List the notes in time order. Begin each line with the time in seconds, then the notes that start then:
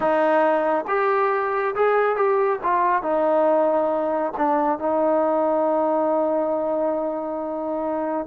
0.00 D#4
0.87 G4
1.75 G#4
2.15 G4
2.63 F4
3.02 D#4
4.37 D4
4.78 D#4